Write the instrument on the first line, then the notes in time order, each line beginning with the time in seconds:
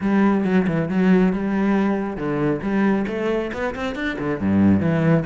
cello
0.01 G3
0.44 F#3
0.67 E3
0.89 F#3
1.32 G3
2.16 D3
2.62 G3
3.07 A3
3.53 B3
3.75 C4
3.95 D4
4.18 D3
4.40 G2
4.80 E3